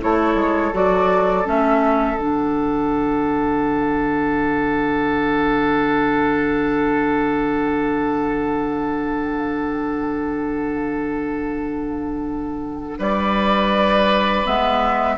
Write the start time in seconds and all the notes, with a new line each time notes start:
0.00 A3 E4 A4 C#5
0.35 G#3
0.73 F#3 F#4 D5
1.44 A3 C#4 E5
2.17 D3 D4 F#5
12.99 G3 B4 D5
14.46 G#3 B3 E5